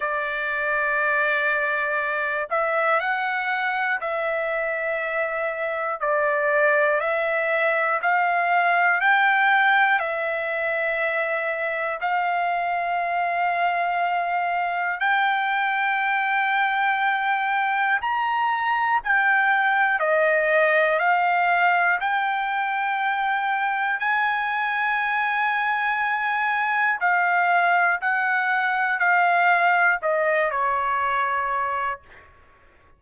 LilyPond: \new Staff \with { instrumentName = "trumpet" } { \time 4/4 \tempo 4 = 60 d''2~ d''8 e''8 fis''4 | e''2 d''4 e''4 | f''4 g''4 e''2 | f''2. g''4~ |
g''2 ais''4 g''4 | dis''4 f''4 g''2 | gis''2. f''4 | fis''4 f''4 dis''8 cis''4. | }